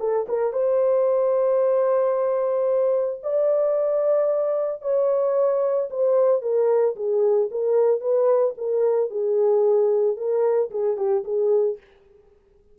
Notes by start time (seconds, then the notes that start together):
0.00 A4
0.28 A#4
0.53 C5
3.23 D5
4.82 C#5
5.91 C5
6.42 A#4
6.96 G#4
7.51 A#4
8.01 B4
8.58 A#4
9.10 G#4
10.17 A#4
10.71 G#4
10.97 G4
11.25 G#4